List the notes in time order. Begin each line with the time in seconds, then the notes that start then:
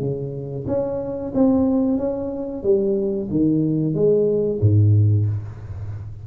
0.00 C#3
0.67 C#4
1.34 C4
1.98 C#4
2.63 G3
3.31 D#3
3.94 G#3
4.61 G#2